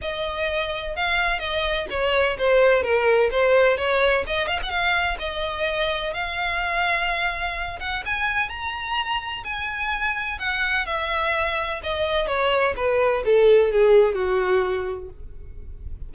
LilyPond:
\new Staff \with { instrumentName = "violin" } { \time 4/4 \tempo 4 = 127 dis''2 f''4 dis''4 | cis''4 c''4 ais'4 c''4 | cis''4 dis''8 f''16 fis''16 f''4 dis''4~ | dis''4 f''2.~ |
f''8 fis''8 gis''4 ais''2 | gis''2 fis''4 e''4~ | e''4 dis''4 cis''4 b'4 | a'4 gis'4 fis'2 | }